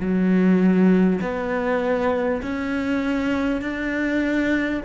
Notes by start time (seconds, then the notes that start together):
0.00 F#3
1.22 B3
2.42 C#4
3.62 D4